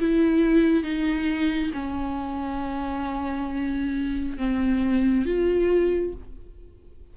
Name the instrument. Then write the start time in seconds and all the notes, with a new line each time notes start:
viola
0.00 E4
0.83 D#4
1.74 C#4
4.38 C4
5.26 F4